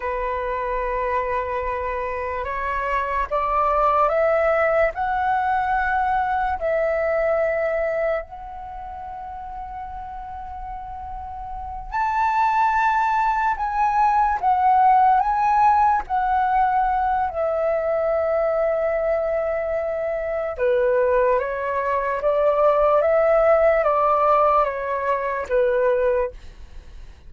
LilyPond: \new Staff \with { instrumentName = "flute" } { \time 4/4 \tempo 4 = 73 b'2. cis''4 | d''4 e''4 fis''2 | e''2 fis''2~ | fis''2~ fis''8 a''4.~ |
a''8 gis''4 fis''4 gis''4 fis''8~ | fis''4 e''2.~ | e''4 b'4 cis''4 d''4 | e''4 d''4 cis''4 b'4 | }